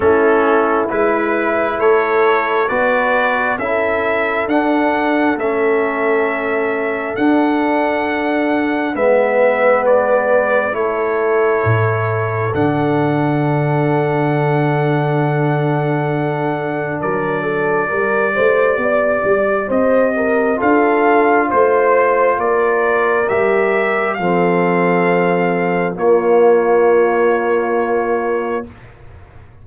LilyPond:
<<
  \new Staff \with { instrumentName = "trumpet" } { \time 4/4 \tempo 4 = 67 a'4 b'4 cis''4 d''4 | e''4 fis''4 e''2 | fis''2 e''4 d''4 | cis''2 fis''2~ |
fis''2. d''4~ | d''2 dis''4 f''4 | c''4 d''4 e''4 f''4~ | f''4 cis''2. | }
  \new Staff \with { instrumentName = "horn" } { \time 4/4 e'2 a'4 b'4 | a'1~ | a'2 b'2 | a'1~ |
a'2. ais'8 a'8 | ais'8 c''8 d''4 c''8 ais'8 a'4 | c''4 ais'2 a'4~ | a'4 f'2. | }
  \new Staff \with { instrumentName = "trombone" } { \time 4/4 cis'4 e'2 fis'4 | e'4 d'4 cis'2 | d'2 b2 | e'2 d'2~ |
d'1 | g'2. f'4~ | f'2 g'4 c'4~ | c'4 ais2. | }
  \new Staff \with { instrumentName = "tuba" } { \time 4/4 a4 gis4 a4 b4 | cis'4 d'4 a2 | d'2 gis2 | a4 a,4 d2~ |
d2. fis4 | g8 a8 b8 g8 c'4 d'4 | a4 ais4 g4 f4~ | f4 ais2. | }
>>